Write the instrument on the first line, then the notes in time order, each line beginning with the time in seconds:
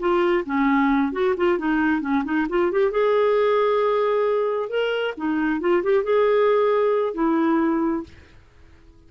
clarinet
0.00 F4
0.46 C#4
1.13 F#4
1.37 F4
1.59 D#4
2.02 C#4
2.24 D#4
2.50 F4
2.72 G4
2.91 G#4
4.70 A#4
5.18 D#4
5.61 F4
5.84 G4
6.04 G#4
7.15 E4